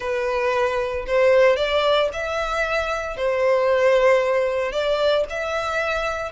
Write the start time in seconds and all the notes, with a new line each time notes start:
0.00 B4
1.06 C5
1.56 D5
2.12 E5
3.16 C5
4.72 D5
5.29 E5